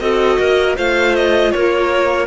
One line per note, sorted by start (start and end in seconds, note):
0.00 0.38 C4
0.00 0.77 F#4
0.00 0.39 A4
0.00 0.76 D#5
0.39 0.77 A#3
0.39 0.76 A#4
0.76 1.54 A3
0.76 2.27 F4
0.76 1.52 C5
0.76 1.16 F5
1.16 1.51 D#5
1.51 2.27 A#3
1.51 2.27 A#4
1.51 2.27 C#5